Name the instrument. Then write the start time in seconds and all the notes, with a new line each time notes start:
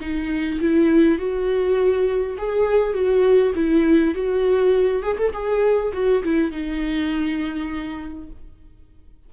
viola
0.00 D#4
0.60 E4
1.18 F#4
2.38 G#4
2.93 F#4
3.55 E4
4.14 F#4
5.02 G#4
5.17 A4
5.32 G#4
5.93 F#4
6.23 E4
6.51 D#4